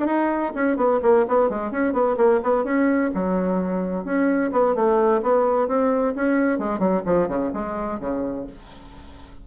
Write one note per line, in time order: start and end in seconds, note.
0.00 0.07 D4
0.07 0.53 D#4
0.55 0.77 C#4
0.77 1.00 B3
1.03 1.26 A#3
1.28 1.50 B3
1.50 1.72 G#3
1.72 1.93 C#4
1.93 2.17 B3
2.17 2.41 A#3
2.44 2.65 B3
2.65 3.11 C#4
3.15 4.05 F#3
4.05 4.52 C#4
4.52 4.75 B3
4.75 5.22 A3
5.23 5.68 B3
5.68 6.15 C4
6.16 6.59 C#4
6.59 6.79 G#3
6.79 7.03 F#3
7.06 7.29 F3
7.29 7.52 C#3
7.54 8.00 G#3
8.00 8.47 C#3